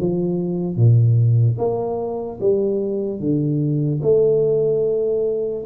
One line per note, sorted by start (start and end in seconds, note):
0.00 0.77 F3
0.77 1.58 A#2
1.58 2.40 A#3
2.40 3.20 G3
3.20 4.01 D3
4.02 5.65 A3